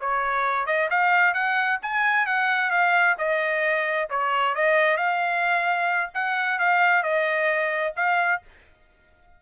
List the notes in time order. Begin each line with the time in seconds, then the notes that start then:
0.00 C#5
0.66 D#5
0.90 F5
1.33 F#5
1.82 G#5
2.26 F#5
2.70 F5
3.18 D#5
4.10 C#5
4.55 D#5
4.97 F5
6.14 F#5
6.59 F5
7.03 D#5
7.96 F5